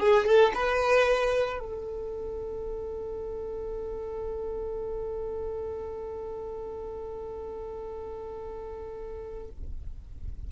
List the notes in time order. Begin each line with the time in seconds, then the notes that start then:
0.00 G#4
0.26 A4
0.55 B4
1.60 A4